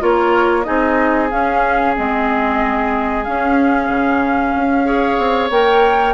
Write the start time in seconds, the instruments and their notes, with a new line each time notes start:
0.00 bassoon A#3, clarinet F4, oboe A#4, flute C#5
0.63 bassoon C4, clarinet D#4, oboe G#4, flute D#5
1.30 clarinet C#4, bassoon C#4, flute F5
1.96 bassoon G#3, clarinet C4, flute D#5
3.24 clarinet C#4, bassoon C#4, flute F5
3.89 bassoon C#3
4.55 bassoon C#4
4.85 clarinet G#4, oboe C#5
5.18 bassoon C4
5.50 bassoon A#3, clarinet A#4, flute G5